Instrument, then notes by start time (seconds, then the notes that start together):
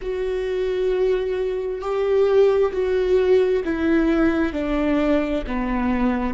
viola
0.01 F#4
1.81 G4
2.72 F#4
3.64 E4
4.52 D4
5.46 B3